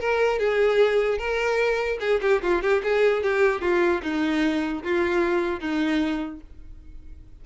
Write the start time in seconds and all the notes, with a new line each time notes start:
0.00 A#4
0.39 G#4
1.18 A#4
2.01 G#4
2.22 G4
2.43 F4
2.62 G4
2.84 G#4
3.23 G4
3.62 F4
4.03 D#4
4.84 F4
5.60 D#4